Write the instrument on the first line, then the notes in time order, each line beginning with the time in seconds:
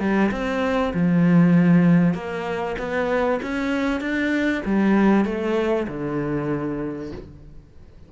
cello
0.00 G3
0.31 C4
0.94 F3
2.15 A#3
2.79 B3
3.42 C#4
4.01 D4
4.66 G3
5.25 A3
5.88 D3